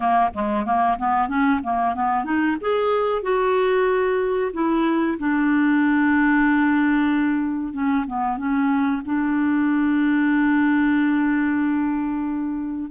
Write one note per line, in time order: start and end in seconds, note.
0.00 0.29 A#3
0.34 0.65 G#3
0.65 0.97 A#3
0.98 1.28 B3
1.28 1.60 C#4
1.63 1.94 A#3
1.94 2.24 B3
2.24 2.56 D#4
2.60 3.22 G#4
3.22 4.51 F#4
4.53 5.18 E4
5.18 7.73 D4
7.73 8.05 C#4
8.06 8.37 B3
8.37 9.01 C#4
9.05 12.90 D4